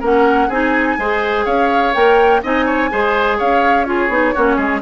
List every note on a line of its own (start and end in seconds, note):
0.00 0.49 A#3
0.00 0.50 C#4
0.00 0.48 A#4
0.00 0.51 F#5
0.48 0.97 C4
0.48 0.99 D#4
0.48 0.96 G#4
0.48 1.46 G#5
0.98 1.46 G#3
0.98 1.94 G#4
0.98 1.45 C5
1.45 1.94 C#4
1.45 2.41 C#5
1.45 1.94 F5
1.94 2.43 A#3
1.94 2.42 A#4
1.94 2.42 G5
2.43 2.92 C4
2.43 2.91 D#4
2.43 2.66 D#5
2.43 3.40 G#5
2.66 2.90 C#5
2.91 3.41 G#3
2.91 3.86 G#4
2.91 3.38 C5
3.38 4.09 C#4
3.38 3.86 C#5
3.38 3.84 F5
3.84 4.10 F4
3.84 4.35 G#4
3.84 4.80 C#5
4.09 4.33 B3
4.09 4.34 D#4
4.35 4.57 A#3
4.35 4.82 C#4
4.35 4.56 F#4
4.56 4.81 G#3
4.56 4.80 G#4